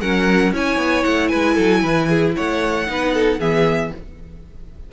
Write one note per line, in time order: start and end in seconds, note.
0.00 0.52 F#3
0.00 0.52 C#4
0.00 0.52 A#4
0.00 0.53 F#5
0.52 0.77 C#4
0.52 2.87 E4
0.52 1.30 C#5
0.52 1.03 G#5
0.77 1.03 B3
1.03 1.32 A3
1.03 1.28 F#5
1.28 1.57 G#3
1.28 1.54 B4
1.28 2.32 G#5
1.54 1.83 F#3
1.54 1.81 A4
1.82 2.35 E3
1.82 2.08 B4
2.09 2.35 G#4
2.35 2.88 A3
2.35 2.87 C#5
2.35 3.40 F#5
2.87 3.39 B3
2.87 3.39 D#4
2.87 3.14 B4
3.14 3.39 A4
3.39 3.91 E3
3.39 3.91 B3
3.39 3.91 G#4
3.39 3.92 E5